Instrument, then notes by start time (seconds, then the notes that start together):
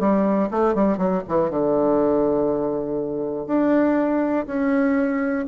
bassoon
0.00 G3
0.51 A3
0.75 G3
0.98 F#3
1.28 E3
1.50 D3
3.47 D4
4.47 C#4